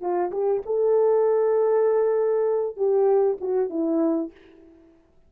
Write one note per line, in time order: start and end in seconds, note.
0.00 0.31 F4
0.31 0.62 G4
0.66 2.76 A4
2.76 3.37 G4
3.40 3.70 F#4
3.70 4.31 E4